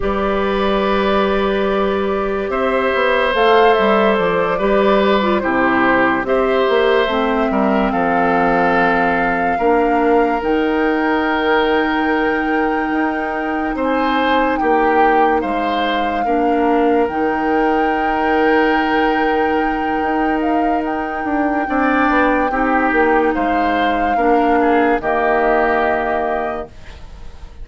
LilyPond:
<<
  \new Staff \with { instrumentName = "flute" } { \time 4/4 \tempo 4 = 72 d''2. e''4 | f''8 e''8 d''4. c''4 e''8~ | e''4. f''2~ f''8~ | f''8 g''2.~ g''8~ |
g''8 gis''4 g''4 f''4.~ | f''8 g''2.~ g''8~ | g''8 f''8 g''2. | f''2 dis''2 | }
  \new Staff \with { instrumentName = "oboe" } { \time 4/4 b'2. c''4~ | c''4. b'4 g'4 c''8~ | c''4 ais'8 a'2 ais'8~ | ais'1~ |
ais'8 c''4 g'4 c''4 ais'8~ | ais'1~ | ais'2 d''4 g'4 | c''4 ais'8 gis'8 g'2 | }
  \new Staff \with { instrumentName = "clarinet" } { \time 4/4 g'1 | a'4. g'8. f'16 e'4 g'8~ | g'8 c'2. d'8~ | d'8 dis'2.~ dis'8~ |
dis'2.~ dis'8 d'8~ | d'8 dis'2.~ dis'8~ | dis'2 d'4 dis'4~ | dis'4 d'4 ais2 | }
  \new Staff \with { instrumentName = "bassoon" } { \time 4/4 g2. c'8 b8 | a8 g8 f8 g4 c4 c'8 | ais8 a8 g8 f2 ais8~ | ais8 dis2. dis'8~ |
dis'8 c'4 ais4 gis4 ais8~ | ais8 dis2.~ dis8 | dis'4. d'8 c'8 b8 c'8 ais8 | gis4 ais4 dis2 | }
>>